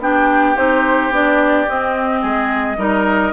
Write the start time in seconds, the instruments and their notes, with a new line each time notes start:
0.00 bassoon B3, clarinet D4, oboe G4, flute G5
0.56 bassoon C4, clarinet D#4, flute C5
1.10 bassoon B3, clarinet D4, flute D5
1.68 bassoon C4, clarinet C4, flute D#5
2.21 bassoon G#3, oboe G#4
2.77 bassoon G3, clarinet D#4, oboe A#4